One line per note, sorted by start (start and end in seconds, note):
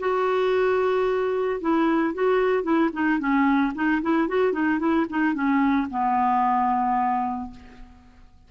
0.00 1.61 F#4
1.61 2.15 E4
2.15 2.64 F#4
2.64 2.91 E4
2.93 3.19 D#4
3.19 3.73 C#4
3.75 4.02 D#4
4.02 4.28 E4
4.28 4.53 F#4
4.53 4.80 D#4
4.80 5.06 E4
5.10 5.34 D#4
5.34 5.88 C#4
5.91 7.51 B3